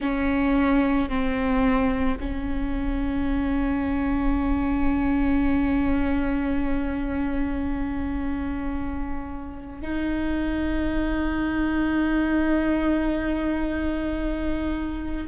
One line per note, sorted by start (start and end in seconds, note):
0.00 1.09 C#4
1.09 2.18 C4
2.20 9.81 C#4
9.81 15.27 D#4